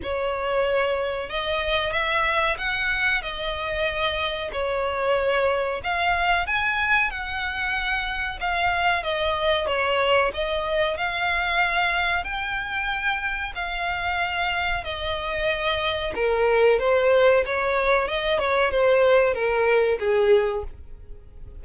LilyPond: \new Staff \with { instrumentName = "violin" } { \time 4/4 \tempo 4 = 93 cis''2 dis''4 e''4 | fis''4 dis''2 cis''4~ | cis''4 f''4 gis''4 fis''4~ | fis''4 f''4 dis''4 cis''4 |
dis''4 f''2 g''4~ | g''4 f''2 dis''4~ | dis''4 ais'4 c''4 cis''4 | dis''8 cis''8 c''4 ais'4 gis'4 | }